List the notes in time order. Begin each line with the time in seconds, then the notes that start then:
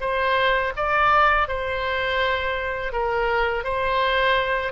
0.00 C5
0.76 D5
1.48 C5
2.92 A#4
3.64 C5